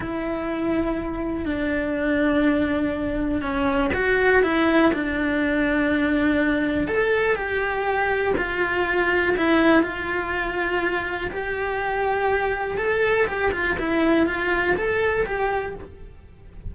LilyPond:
\new Staff \with { instrumentName = "cello" } { \time 4/4 \tempo 4 = 122 e'2. d'4~ | d'2. cis'4 | fis'4 e'4 d'2~ | d'2 a'4 g'4~ |
g'4 f'2 e'4 | f'2. g'4~ | g'2 a'4 g'8 f'8 | e'4 f'4 a'4 g'4 | }